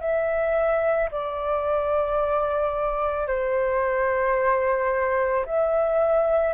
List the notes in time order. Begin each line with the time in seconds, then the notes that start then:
0.00 E5
1.11 D5
3.27 C5
5.45 E5